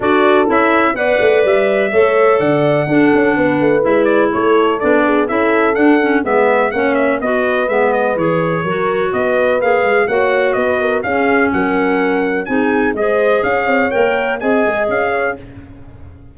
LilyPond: <<
  \new Staff \with { instrumentName = "trumpet" } { \time 4/4 \tempo 4 = 125 d''4 e''4 fis''4 e''4~ | e''4 fis''2. | e''8 d''8 cis''4 d''4 e''4 | fis''4 e''4 fis''8 e''8 dis''4 |
e''8 dis''8 cis''2 dis''4 | f''4 fis''4 dis''4 f''4 | fis''2 gis''4 dis''4 | f''4 g''4 gis''4 f''4 | }
  \new Staff \with { instrumentName = "horn" } { \time 4/4 a'2 d''2 | cis''4 d''4 a'4 b'4~ | b'4 a'4. gis'8 a'4~ | a'4 b'4 cis''4 b'4~ |
b'2 ais'4 b'4~ | b'4 cis''4 b'8 ais'8 gis'4 | ais'2 gis'4 c''4 | cis''2 dis''4. cis''8 | }
  \new Staff \with { instrumentName = "clarinet" } { \time 4/4 fis'4 e'4 b'2 | a'2 d'2 | e'2 d'4 e'4 | d'8 cis'8 b4 cis'4 fis'4 |
b4 gis'4 fis'2 | gis'4 fis'2 cis'4~ | cis'2 dis'4 gis'4~ | gis'4 ais'4 gis'2 | }
  \new Staff \with { instrumentName = "tuba" } { \time 4/4 d'4 cis'4 b8 a8 g4 | a4 d4 d'8 cis'8 b8 a8 | gis4 a4 b4 cis'4 | d'4 gis4 ais4 b4 |
gis4 e4 fis4 b4 | ais8 gis8 ais4 b4 cis'4 | fis2 c'4 gis4 | cis'8 c'8 ais4 c'8 gis8 cis'4 | }
>>